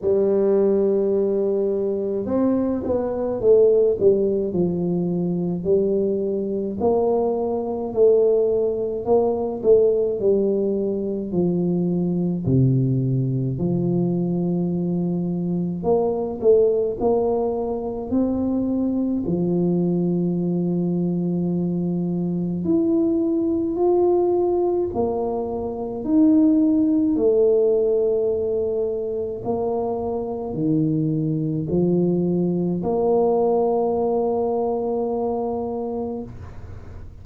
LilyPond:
\new Staff \with { instrumentName = "tuba" } { \time 4/4 \tempo 4 = 53 g2 c'8 b8 a8 g8 | f4 g4 ais4 a4 | ais8 a8 g4 f4 c4 | f2 ais8 a8 ais4 |
c'4 f2. | e'4 f'4 ais4 dis'4 | a2 ais4 dis4 | f4 ais2. | }